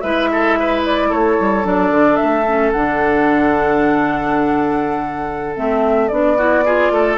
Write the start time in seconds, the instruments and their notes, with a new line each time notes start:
0.00 bassoon G#3, clarinet E4, oboe B4, flute E5
0.31 oboe A4
0.59 oboe B4
0.85 flute D5
1.09 bassoon A3, oboe A4, flute C#5
1.40 bassoon G3
1.63 bassoon F#3, clarinet D4, flute D5
1.90 bassoon D3
2.16 flute E5
2.23 bassoon A3
2.47 clarinet C#4
2.71 bassoon D3, clarinet D4, flute F#5
5.55 bassoon A3, clarinet C4, flute E5
6.08 bassoon B3, clarinet D4, flute D5
6.37 clarinet E4, oboe F#4
6.65 clarinet F4, oboe G#4
6.90 bassoon A3, oboe A4